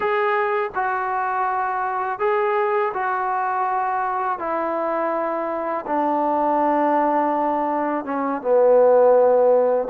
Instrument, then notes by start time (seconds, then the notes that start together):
trombone
0.00 G#4
0.75 F#4
2.19 G#4
2.93 F#4
4.38 E4
5.86 D4
8.05 C#4
8.41 B3